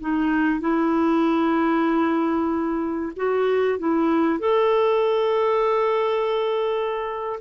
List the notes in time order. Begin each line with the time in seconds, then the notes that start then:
0.00 D#4
0.60 E4
3.16 F#4
3.78 E4
4.39 A4